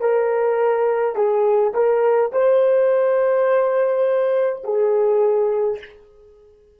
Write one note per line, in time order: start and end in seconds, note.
0.00 1.15 A#4
1.15 1.73 G#4
1.74 2.31 A#4
2.32 4.63 C5
4.64 5.79 G#4